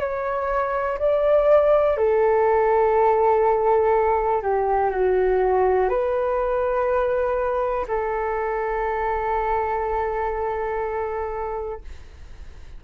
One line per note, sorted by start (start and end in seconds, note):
0.00 0.98 C#5
0.99 1.97 D5
1.97 4.43 A4
4.43 4.91 G4
4.91 5.89 F#4
5.89 7.86 B4
7.88 11.82 A4